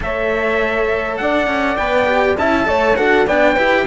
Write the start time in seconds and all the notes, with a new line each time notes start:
0.00 A3 A4 C#5 E5
1.17 D4 D5 F#5
1.47 C#4
1.76 B3 B4 G5
2.06 G4
2.37 C#4 E4 E5 A5
2.64 A3 A4 C#5
2.96 D4 F#4 A4 F#5
3.26 B3 D4 D5 G5
3.53 E4 G4 B4